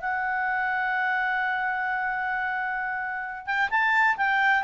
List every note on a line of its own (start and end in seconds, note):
0.00 3.46 F#5
3.46 3.69 G5
3.70 4.16 A5
4.17 4.63 G5